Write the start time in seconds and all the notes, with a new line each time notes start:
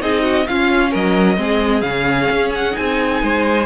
0.00 C4 D#4 G#4 D#5
0.22 F#4
0.47 C#4 F4 F5
0.90 F#3 A#4 D#5
1.36 G#3 C4 G#4
1.81 C#3 C#4 F5
2.30 C#4
2.54 F#5
2.71 D#4 G#5
2.77 C4
3.22 G#3 C5